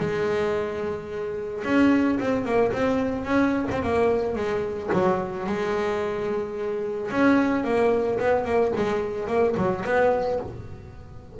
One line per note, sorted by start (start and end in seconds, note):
0.00 1.64 G#3
1.64 2.19 C#4
2.20 2.45 C4
2.45 2.72 A#3
2.73 3.25 C4
3.25 3.66 C#4
3.71 3.82 C4
3.82 4.35 A#3
4.35 4.90 G#3
4.93 5.47 F#3
5.47 7.10 G#3
7.11 7.64 C#4
7.64 8.19 A#3
8.19 8.45 B3
8.45 8.72 A#3
8.76 9.28 G#3
9.28 9.55 A#3
9.57 9.84 F#3
9.85 10.39 B3